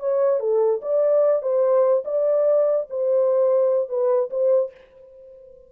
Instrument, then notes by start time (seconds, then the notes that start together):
horn
0.00 C#5
0.40 A4
0.82 D5
1.42 C5
2.05 D5
2.90 C5
3.89 B4
4.30 C5